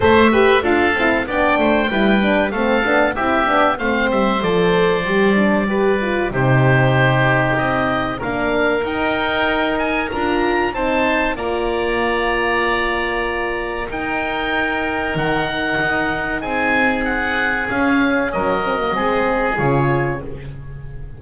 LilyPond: <<
  \new Staff \with { instrumentName = "oboe" } { \time 4/4 \tempo 4 = 95 e''4 f''4 g''2 | f''4 e''4 f''8 e''8 d''4~ | d''2 c''2 | dis''4 f''4 g''4. gis''8 |
ais''4 a''4 ais''2~ | ais''2 g''2 | fis''2 gis''4 fis''4 | f''4 dis''2 cis''4 | }
  \new Staff \with { instrumentName = "oboe" } { \time 4/4 c''8 b'8 a'4 d''8 c''8 b'4 | a'4 g'4 c''2~ | c''4 b'4 g'2~ | g'4 ais'2.~ |
ais'4 c''4 d''2~ | d''2 ais'2~ | ais'2 gis'2~ | gis'4 ais'4 gis'2 | }
  \new Staff \with { instrumentName = "horn" } { \time 4/4 a'8 g'8 f'8 e'8 d'4 e'8 d'8 | c'8 d'8 e'8 d'8 c'4 a'4 | g'8 d'8 g'8 f'8 dis'2~ | dis'4 d'4 dis'2 |
f'4 dis'4 f'2~ | f'2 dis'2~ | dis'1 | cis'4. c'16 ais16 c'4 f'4 | }
  \new Staff \with { instrumentName = "double bass" } { \time 4/4 a4 d'8 c'8 b8 a8 g4 | a8 b8 c'8 b8 a8 g8 f4 | g2 c2 | c'4 ais4 dis'2 |
d'4 c'4 ais2~ | ais2 dis'2 | dis4 dis'4 c'2 | cis'4 fis4 gis4 cis4 | }
>>